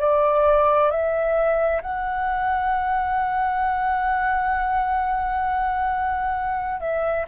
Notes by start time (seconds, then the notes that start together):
0.00 D5
0.91 E5
1.82 F#5
6.80 E5